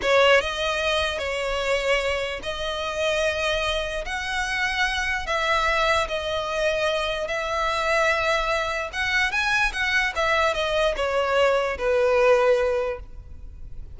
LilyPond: \new Staff \with { instrumentName = "violin" } { \time 4/4 \tempo 4 = 148 cis''4 dis''2 cis''4~ | cis''2 dis''2~ | dis''2 fis''2~ | fis''4 e''2 dis''4~ |
dis''2 e''2~ | e''2 fis''4 gis''4 | fis''4 e''4 dis''4 cis''4~ | cis''4 b'2. | }